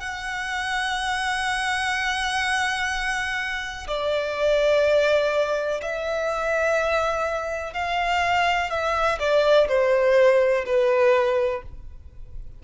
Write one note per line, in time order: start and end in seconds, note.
0.00 3.87 F#5
3.88 5.81 D5
5.82 7.73 E5
7.73 8.70 F5
8.70 9.18 E5
9.19 9.68 D5
9.68 10.65 C5
10.65 11.62 B4